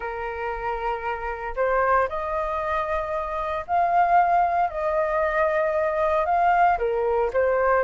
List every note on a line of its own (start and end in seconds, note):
0.00 1.54 A#4
1.56 2.08 C5
2.08 3.65 D#5
3.67 4.70 F5
4.70 6.25 D#5
6.25 6.78 F5
6.78 7.30 A#4
7.33 7.83 C5